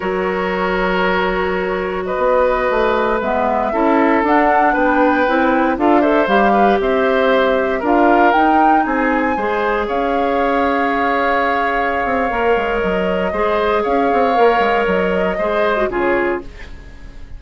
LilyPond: <<
  \new Staff \with { instrumentName = "flute" } { \time 4/4 \tempo 4 = 117 cis''1 | dis''2~ dis''16 e''4.~ e''16~ | e''16 fis''4 g''2 f''8 e''16~ | e''16 f''4 e''2 f''8.~ |
f''16 g''4 gis''2 f''8.~ | f''1~ | f''4 dis''2 f''4~ | f''4 dis''2 cis''4 | }
  \new Staff \with { instrumentName = "oboe" } { \time 4/4 ais'1 | b'2.~ b'16 a'8.~ | a'4~ a'16 b'2 a'8 c''16~ | c''8. b'8 c''2 ais'8.~ |
ais'4~ ais'16 gis'4 c''4 cis''8.~ | cis''1~ | cis''2 c''4 cis''4~ | cis''2 c''4 gis'4 | }
  \new Staff \with { instrumentName = "clarinet" } { \time 4/4 fis'1~ | fis'2~ fis'16 b4 e'8.~ | e'16 d'2 e'4 f'8 a'16~ | a'16 g'2. f'8.~ |
f'16 dis'2 gis'4.~ gis'16~ | gis'1 | ais'2 gis'2 | ais'2 gis'8. fis'16 f'4 | }
  \new Staff \with { instrumentName = "bassoon" } { \time 4/4 fis1~ | fis16 b4 a4 gis4 cis'8.~ | cis'16 d'4 b4 c'4 d'8.~ | d'16 g4 c'2 d'8.~ |
d'16 dis'4 c'4 gis4 cis'8.~ | cis'2.~ cis'8 c'8 | ais8 gis8 fis4 gis4 cis'8 c'8 | ais8 gis8 fis4 gis4 cis4 | }
>>